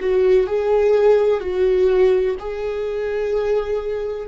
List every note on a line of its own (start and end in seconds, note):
0.00 0.47 F#4
0.47 1.41 G#4
1.41 2.36 F#4
2.39 4.28 G#4